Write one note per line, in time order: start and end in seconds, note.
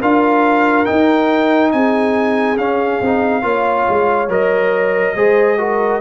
0.00 0.87 D4
0.00 0.86 F4
0.00 1.71 A#4
0.00 0.85 F5
0.85 2.57 D#4
0.85 1.73 D#4
0.85 1.71 G5
1.71 2.57 C4
1.71 3.43 G#4
1.71 2.57 G#5
2.57 3.00 C#4
2.57 3.03 C#4
2.57 4.29 F5
3.01 3.43 C4
3.01 3.42 D#4
3.42 3.86 A#3
3.42 4.27 F4
3.42 5.15 C#5
3.89 4.28 G#3
4.28 5.14 F#3
4.28 5.15 A#4
4.28 6.00 D#5
5.15 6.00 G#3
5.15 5.58 G#4
5.15 5.58 C5
5.58 6.00 F#4
5.58 6.00 A#4